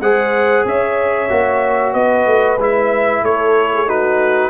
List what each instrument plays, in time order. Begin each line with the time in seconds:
0.00 tuba G#3, trombone G#4, horn C5, trumpet F#5
0.65 tuba C#4, horn C#5, trumpet E5
1.29 tuba A#3, trombone F#4
1.93 tuba B3, horn B4, trumpet D#5
2.26 tuba A3
2.58 tuba G#3, trombone E4, trumpet E5
3.22 tuba A3, horn A4, trumpet C#5
3.74 horn G#4
3.87 trombone D#4, horn F#4, trumpet B4